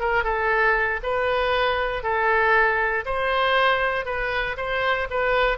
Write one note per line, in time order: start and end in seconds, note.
0.00 0.24 A#4
0.24 1.00 A4
1.03 2.03 B4
2.03 3.05 A4
3.06 4.05 C5
4.05 4.56 B4
4.57 5.08 C5
5.10 5.58 B4